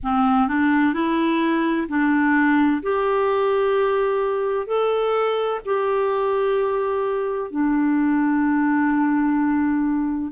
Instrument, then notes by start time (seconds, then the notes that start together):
clarinet
0.03 C4
0.47 D4
0.93 E4
1.88 D4
2.82 G4
4.66 A4
5.65 G4
7.50 D4